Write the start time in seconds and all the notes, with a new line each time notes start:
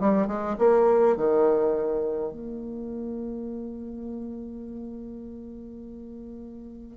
0.00 G3
0.27 G#3
0.59 A#3
1.17 D#3
2.32 A#3